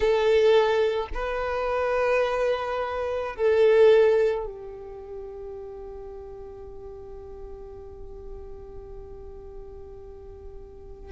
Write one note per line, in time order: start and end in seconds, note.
0.00 1.08 A4
1.14 3.35 B4
3.35 4.45 A4
4.45 11.11 G4